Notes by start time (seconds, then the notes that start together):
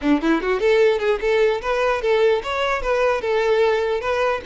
0.01 D4
0.21 E4
0.41 F#4
0.59 A4
0.99 G#4
1.20 A4
1.61 B4
2.01 A4
2.43 C#5
2.82 B4
3.21 A4
4.00 B4